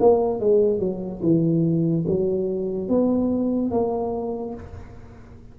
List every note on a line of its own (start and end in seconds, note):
0.00 0.40 A#3
0.40 0.80 G#3
0.80 1.22 F#3
1.22 2.06 E3
2.08 2.89 F#3
2.89 3.71 B3
3.71 4.55 A#3